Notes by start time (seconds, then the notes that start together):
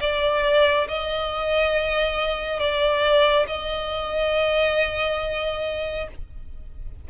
0.00 D5
0.87 D#5
2.59 D5
3.47 D#5